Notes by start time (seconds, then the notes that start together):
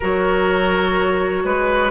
0.00 F#3 F#4 A#4 C#5
1.44 G#3 B4